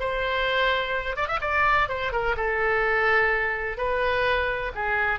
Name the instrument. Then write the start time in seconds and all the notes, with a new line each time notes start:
oboe
0.00 C5
1.16 D5
1.28 E5
1.41 D5
1.89 C5
2.12 A#4
2.37 A4
3.77 B4
4.75 G#4